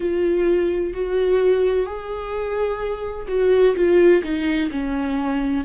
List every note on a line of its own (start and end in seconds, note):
0.00 0.93 F4
0.93 1.85 F#4
1.85 3.26 G#4
3.28 3.75 F#4
3.75 4.22 F4
4.23 4.70 D#4
4.70 5.64 C#4